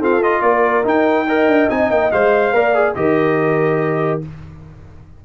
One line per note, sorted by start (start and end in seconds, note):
0.00 0.22 C4
0.00 0.43 F4
0.00 0.42 A4
0.00 0.23 F5
0.23 0.85 F4
0.23 0.43 D#5
0.43 0.85 A#3
0.43 1.27 A#4
0.43 0.85 D5
0.85 1.26 D#4
0.85 1.48 D#4
0.85 1.70 G5
1.28 1.70 A#4
1.28 2.54 D#5
1.48 1.69 D4
1.70 1.91 C4
1.70 2.12 D#4
1.70 1.91 G#5
1.91 2.12 A#3
1.91 2.12 G5
2.12 2.54 G#3
2.12 2.54 C5
2.12 2.95 F5
2.54 2.96 A#3
2.54 2.75 A#4
2.54 2.97 D5
2.75 2.96 G#4
2.95 4.23 D#3
2.95 4.22 G4
2.95 4.26 A#4
2.95 4.21 D#5